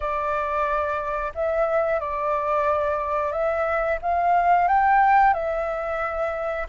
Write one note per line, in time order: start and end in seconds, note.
0.00 1.32 D5
1.34 1.99 E5
1.99 3.32 D5
3.32 3.98 E5
4.02 4.68 F5
4.68 5.33 G5
5.33 6.67 E5